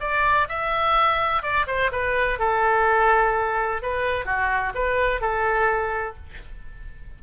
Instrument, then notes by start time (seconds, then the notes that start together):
oboe
0.00 D5
0.48 E5
1.42 D5
1.67 C5
1.92 B4
2.39 A4
3.82 B4
4.25 F#4
4.74 B4
5.21 A4